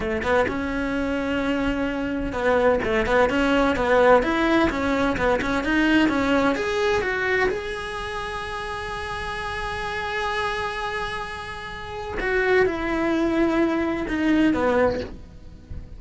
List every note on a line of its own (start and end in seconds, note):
0.00 0.22 A3
0.22 0.46 B3
0.48 2.32 C#4
2.32 2.79 B3
2.84 3.06 A3
3.06 3.29 B3
3.29 3.76 C#4
3.76 4.22 B3
4.22 4.69 E4
4.69 5.16 C#4
5.17 5.40 B3
5.41 5.64 C#4
5.64 6.08 D#4
6.08 6.55 C#4
6.55 7.01 G#4
7.01 7.48 F#4
7.49 12.17 G#4
12.20 12.66 F#4
12.66 14.06 E4
14.08 14.53 D#4
14.53 15.00 B3